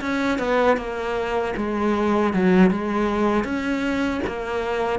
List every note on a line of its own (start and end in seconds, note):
0.00 0.38 C#4
0.38 0.77 B3
0.77 1.53 A#3
1.56 2.33 G#3
2.33 2.70 F#3
2.70 3.44 G#3
3.44 4.21 C#4
4.26 4.99 A#3